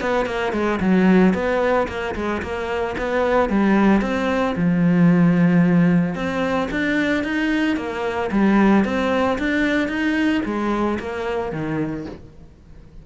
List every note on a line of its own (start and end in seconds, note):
0.00 0.26 B3
0.26 0.52 A#3
0.52 0.79 G#3
0.80 1.33 F#3
1.33 1.87 B3
1.87 2.14 A#3
2.15 2.42 G#3
2.42 2.95 A#3
2.97 3.49 B3
3.49 4.01 G3
4.01 4.55 C4
4.56 6.15 F3
6.15 6.68 C4
6.71 7.24 D4
7.24 7.77 D#4
7.77 8.30 A#3
8.31 8.84 G3
8.84 9.38 C4
9.38 9.88 D4
9.88 10.41 D#4
10.45 10.98 G#3
10.99 11.52 A#3
11.52 12.06 D#3